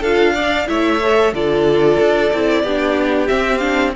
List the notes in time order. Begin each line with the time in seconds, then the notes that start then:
0.00 D4 F4 A4 F5
0.34 D4 D5
0.67 A3 E4 C#5 E5
1.03 A4
1.32 D3 F4 A4 D5
1.99 D4
2.33 C4 E4
2.62 B3 D4 G4
3.28 C4 E5
3.58 D4 F5